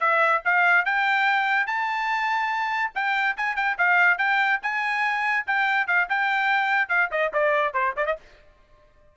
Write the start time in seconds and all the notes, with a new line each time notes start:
0.00 E5
0.45 F5
0.85 G5
1.67 A5
2.95 G5
3.37 G#5
3.56 G5
3.78 F5
4.18 G5
4.62 G#5
5.47 G5
5.87 F5
6.10 G5
6.89 F5
7.11 D#5
7.34 D5
7.74 C5
7.96 D5
8.06 D#5